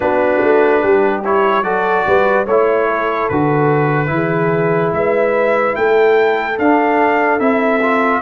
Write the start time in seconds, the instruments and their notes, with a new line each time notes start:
0.00 tuba B3, trombone D4, horn F#4, trumpet B4
0.42 tuba A3
0.81 tuba G3, horn G4
1.24 trombone E4, trumpet C#5
1.63 tuba F#3, trombone F#4, horn A4, trumpet D5
2.07 tuba G3, horn B4
2.45 tuba A3, trombone E4, horn C#5, trumpet C#5
2.87 horn A4
3.29 tuba D3, trombone F#4, trumpet B4
4.06 tuba E3, trombone E4
4.14 horn G#4
4.92 tuba G#3, horn B4, trumpet E5
5.75 tuba A3, horn A4, trumpet G5
6.58 tuba D4, trombone D4, trumpet F5
7.39 tuba C4, trombone E4, trumpet E5
7.81 trombone F4